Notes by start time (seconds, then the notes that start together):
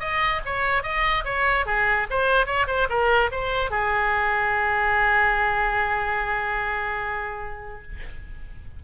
0.00 D#5
0.46 C#5
0.83 D#5
1.25 C#5
1.66 G#4
2.11 C5
2.46 C#5
2.67 C5
2.90 A#4
3.32 C5
3.71 G#4